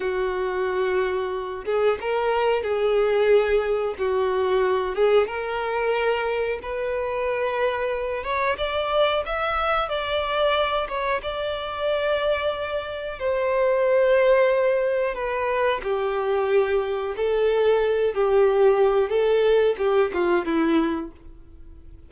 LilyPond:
\new Staff \with { instrumentName = "violin" } { \time 4/4 \tempo 4 = 91 fis'2~ fis'8 gis'8 ais'4 | gis'2 fis'4. gis'8 | ais'2 b'2~ | b'8 cis''8 d''4 e''4 d''4~ |
d''8 cis''8 d''2. | c''2. b'4 | g'2 a'4. g'8~ | g'4 a'4 g'8 f'8 e'4 | }